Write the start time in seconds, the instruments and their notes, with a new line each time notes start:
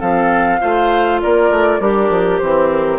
0.00 bassoon F3, clarinet C4, oboe A4, flute F5
0.61 bassoon A3, clarinet F4, oboe C5
1.22 bassoon A#3, oboe A#4, flute D5
1.50 bassoon A3
1.80 bassoon G3, oboe D4, clarinet G4, flute A#4
2.09 bassoon F3
2.39 bassoon E3, oboe C4, flute C5
2.71 flute A#4